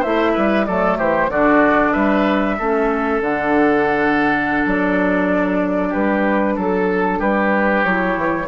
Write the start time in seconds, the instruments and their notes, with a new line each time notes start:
0.00 bassoon A3, clarinet E4, oboe C5, flute E5
0.34 bassoon G3, oboe B4
0.65 bassoon F#3, clarinet A3, oboe A4, flute D5
0.98 bassoon E3, oboe G4, flute C5
1.29 bassoon D3, clarinet D4, oboe F#4, flute D5
1.93 bassoon G3, oboe B4, flute E5
2.58 bassoon A3, clarinet C#4, oboe A4
3.21 bassoon D3, clarinet D4, flute F#5
4.66 bassoon F#3, flute D5
5.89 bassoon G3, oboe G4, flute B4
6.56 bassoon F#3, oboe A4, flute A4
7.19 bassoon G3, oboe G4, flute B4
7.84 bassoon F#3, clarinet E4, flute C#5
8.17 bassoon E3